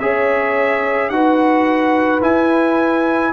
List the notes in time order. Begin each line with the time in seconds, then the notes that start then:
0.00 C#4 G#4 C#5 E5
1.09 D#4 F#4 B4 F#5
2.22 E4 G#5